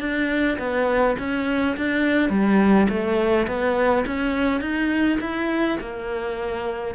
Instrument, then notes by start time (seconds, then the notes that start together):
cello
0.00 D4
0.58 B3
1.19 C#4
1.77 D4
2.30 G3
2.89 A3
3.47 B3
4.06 C#4
4.61 D#4
5.21 E4
5.80 A#3